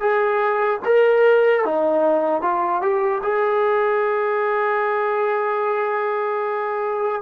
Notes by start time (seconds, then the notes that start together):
0.00 G#4
0.85 A#4
1.65 D#4
2.42 F4
2.81 G4
3.23 G#4